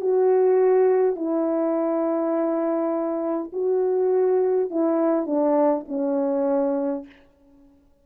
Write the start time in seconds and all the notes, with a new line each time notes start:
0.00 F#4
1.16 E4
3.52 F#4
4.70 E4
5.26 D4
5.88 C#4